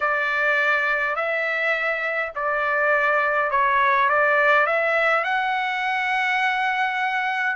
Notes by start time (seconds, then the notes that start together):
0.00 D5
1.15 E5
2.35 D5
3.50 C#5
4.09 D5
4.66 E5
5.24 F#5